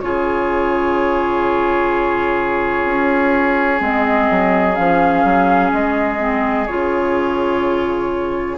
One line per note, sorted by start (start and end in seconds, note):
0.00 2.85 C#3
0.00 3.79 F4
0.00 8.57 G#4
0.00 3.81 C#5
2.85 3.80 C#4
3.79 4.28 G#3
3.79 4.74 C4
3.79 4.75 D#5
4.30 4.78 F#3
4.75 5.23 F3
4.75 6.18 C#4
4.75 5.70 F5
5.23 5.71 F#3
5.72 6.67 G#3
5.72 6.66 D#5
6.18 6.66 C4
6.66 8.57 C#3
6.66 8.57 F4
6.66 8.57 C#5